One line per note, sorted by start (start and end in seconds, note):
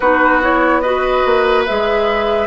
0.00 1.24 B3
0.00 0.41 D#4
0.00 0.81 F#4
0.00 0.41 B4
0.41 0.83 E4
0.41 0.80 C#5
0.80 1.67 F#4
0.80 2.47 B4
0.80 1.64 D#5
1.25 1.66 A#3
1.66 2.47 G#3
1.66 2.47 G#4
1.66 2.47 E5